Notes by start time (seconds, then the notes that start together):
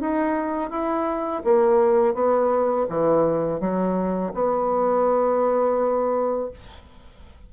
0.00 D#4
0.70 E4
1.44 A#3
2.14 B3
2.89 E3
3.60 F#3
4.34 B3